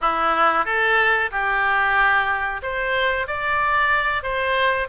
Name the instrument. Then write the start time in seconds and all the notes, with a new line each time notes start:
oboe
0.01 E4
0.65 A4
1.31 G4
2.62 C5
3.27 D5
4.22 C5